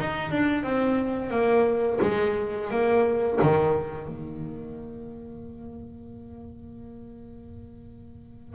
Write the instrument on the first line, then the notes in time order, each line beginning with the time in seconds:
double bass
0.00 D#4
0.31 D4
0.64 C4
1.31 A#3
2.02 G#3
2.71 A#3
3.42 D#3
4.08 A#3